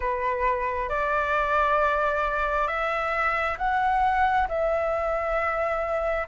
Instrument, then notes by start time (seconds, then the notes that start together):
flute
0.00 B4
0.89 D5
2.67 E5
3.58 F#5
4.48 E5